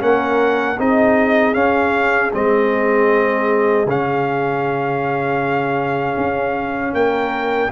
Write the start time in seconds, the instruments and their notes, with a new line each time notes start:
0.00 tuba A#3, trombone C#4, horn A#4, trumpet F#5
0.79 tuba C4, trombone D#4, horn G#4, trumpet D#5
1.54 trombone C#4, tuba C#4, trumpet F5
2.33 tuba G#3, trombone C4, trumpet D#5
3.86 tuba C#3, trombone C#4, trumpet F5
6.17 tuba C#4
6.94 tuba A#3, horn A#4, trumpet G5